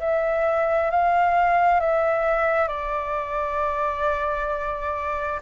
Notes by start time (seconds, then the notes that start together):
0.00 E5
0.91 F5
1.81 E5
2.68 D5